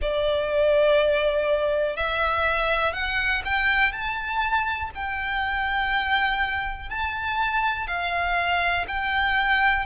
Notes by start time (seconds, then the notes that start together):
0.01 D5
1.96 E5
2.93 F#5
3.44 G5
3.92 A5
4.94 G5
6.89 A5
7.87 F5
8.87 G5